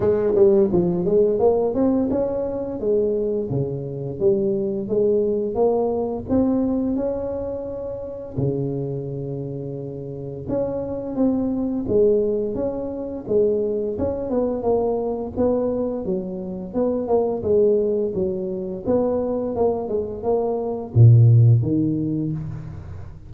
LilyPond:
\new Staff \with { instrumentName = "tuba" } { \time 4/4 \tempo 4 = 86 gis8 g8 f8 gis8 ais8 c'8 cis'4 | gis4 cis4 g4 gis4 | ais4 c'4 cis'2 | cis2. cis'4 |
c'4 gis4 cis'4 gis4 | cis'8 b8 ais4 b4 fis4 | b8 ais8 gis4 fis4 b4 | ais8 gis8 ais4 ais,4 dis4 | }